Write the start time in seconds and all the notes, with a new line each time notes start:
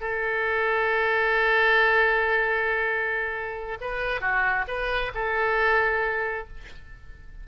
0.00 A4
3.81 B4
4.21 F#4
4.67 B4
5.14 A4